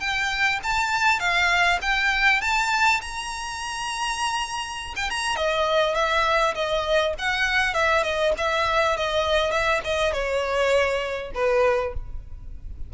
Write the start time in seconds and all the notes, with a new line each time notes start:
0.00 G5
0.63 A5
1.19 F5
1.81 G5
2.41 A5
3.01 A#5
4.95 G5
5.10 A#5
5.36 D#5
5.95 E5
6.55 D#5
7.18 F#5
7.74 E5
8.03 D#5
8.38 E5
8.96 D#5
9.51 E5
9.84 D#5
10.13 C#5
11.34 B4